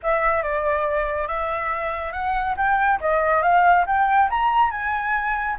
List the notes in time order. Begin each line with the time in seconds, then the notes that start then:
0.02 E5
0.43 D5
1.27 E5
2.12 F#5
2.56 G5
3.00 D#5
3.42 F5
3.86 G5
4.30 A#5
4.70 G#5